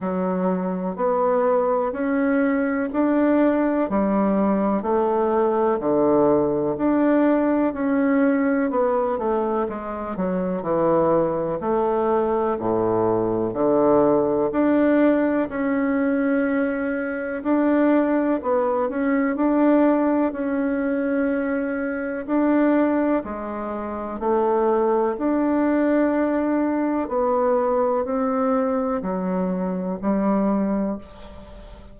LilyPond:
\new Staff \with { instrumentName = "bassoon" } { \time 4/4 \tempo 4 = 62 fis4 b4 cis'4 d'4 | g4 a4 d4 d'4 | cis'4 b8 a8 gis8 fis8 e4 | a4 a,4 d4 d'4 |
cis'2 d'4 b8 cis'8 | d'4 cis'2 d'4 | gis4 a4 d'2 | b4 c'4 fis4 g4 | }